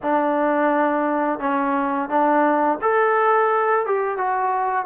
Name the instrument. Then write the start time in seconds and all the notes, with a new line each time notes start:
trombone
0.02 D4
1.40 C#4
2.09 D4
2.81 A4
3.86 G4
4.17 F#4